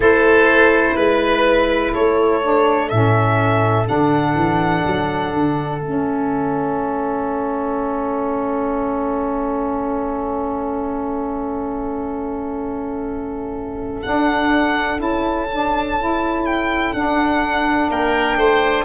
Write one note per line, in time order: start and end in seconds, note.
0.00 0.94 A3
0.00 2.40 E4
0.00 0.95 A4
0.00 0.96 C5
0.95 1.93 G#3
0.95 1.92 B4
0.95 1.93 B4
1.93 2.91 A3
1.93 17.89 A4
1.93 2.89 C#5
2.42 2.90 D4
2.89 3.88 A2
2.89 3.84 C#4
2.89 3.85 E5
3.84 4.34 D3
3.84 5.78 D4
3.84 5.81 F#5
4.34 4.83 E3
4.86 5.33 F#3
5.33 5.80 D3
5.80 14.03 A3
5.80 14.03 C#4
5.80 14.02 E5
14.02 14.97 D4
14.02 14.99 D4
14.02 14.99 F#5
14.97 16.92 C#4
14.97 15.46 E4
14.97 16.45 A5
15.51 15.99 D4
15.99 16.94 E4
16.45 16.93 G5
16.93 17.90 D4
16.93 18.84 D4
16.93 17.89 F#5
17.89 18.36 A#3
17.89 18.38 A#4
17.89 18.84 G5
18.36 18.84 A3
18.36 18.84 C5